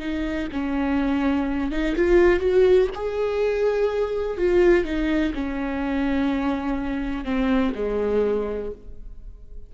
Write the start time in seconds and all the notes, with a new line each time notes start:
0.00 D#4
0.53 C#4
1.72 D#4
1.96 F4
2.40 F#4
2.95 G#4
4.38 F4
4.85 D#4
5.35 C#4
7.25 C4
7.75 G#3